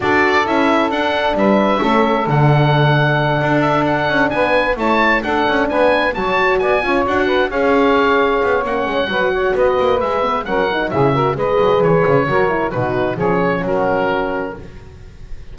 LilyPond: <<
  \new Staff \with { instrumentName = "oboe" } { \time 4/4 \tempo 4 = 132 d''4 e''4 fis''4 e''4~ | e''4 fis''2. | e''8 fis''4 gis''4 a''4 fis''8~ | fis''8 gis''4 a''4 gis''4 fis''8~ |
fis''8 f''2~ f''8 fis''4~ | fis''4 dis''4 e''4 fis''4 | e''4 dis''4 cis''2 | b'4 cis''4 ais'2 | }
  \new Staff \with { instrumentName = "saxophone" } { \time 4/4 a'2. b'4 | a'1~ | a'4. b'4 cis''4 a'8~ | a'8 b'4 cis''4 d''8 cis''4 |
b'8 cis''2.~ cis''8 | b'8 cis''8 b'2 ais'4 | gis'8 ais'8 b'2 ais'4 | fis'4 gis'4 fis'2 | }
  \new Staff \with { instrumentName = "horn" } { \time 4/4 fis'4 e'4 d'2 | cis'4 d'2.~ | d'2~ d'8 e'4 d'8~ | d'4. fis'4. f'8 fis'8~ |
fis'8 gis'2~ gis'8 cis'4 | fis'2 gis'8 b8 cis'8 dis'8 | e'8 fis'8 gis'2 fis'8 e'8 | dis'4 cis'2. | }
  \new Staff \with { instrumentName = "double bass" } { \time 4/4 d'4 cis'4 d'4 g4 | a4 d2~ d8 d'8~ | d'4 cis'8 b4 a4 d'8 | cis'8 b4 fis4 b8 cis'8 d'8~ |
d'8 cis'2 b8 ais8 gis8 | fis4 b8 ais8 gis4 fis4 | cis4 gis8 fis8 e8 cis8 fis4 | b,4 f4 fis2 | }
>>